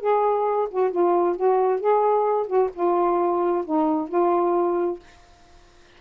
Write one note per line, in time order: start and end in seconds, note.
0.00 0.68 G#4
0.70 0.90 F#4
0.90 1.36 F4
1.36 1.80 F#4
1.80 2.46 G#4
2.46 2.69 F#4
2.73 3.64 F4
3.65 4.08 D#4
4.08 4.99 F4